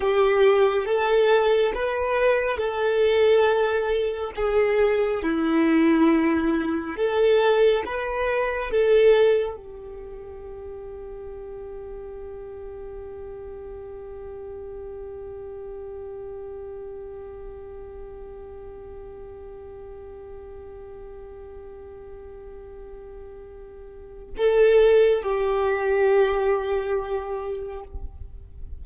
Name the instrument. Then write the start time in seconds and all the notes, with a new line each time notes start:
violin
0.00 G4
0.85 A4
1.74 B4
2.57 A4
4.35 G#4
5.22 E4
6.96 A4
7.85 B4
8.70 A4
9.55 G4
24.37 A4
25.22 G4